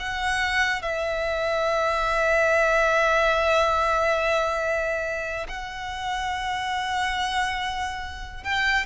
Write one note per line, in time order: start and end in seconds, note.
0.00 0.82 F#5
0.82 5.47 E5
5.49 8.44 F#5
8.44 8.86 G5